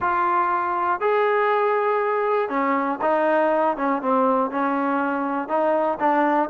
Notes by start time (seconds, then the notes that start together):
0.00 F4
1.00 G#4
2.49 C#4
3.01 D#4
3.76 C#4
4.02 C4
4.50 C#4
5.48 D#4
5.99 D4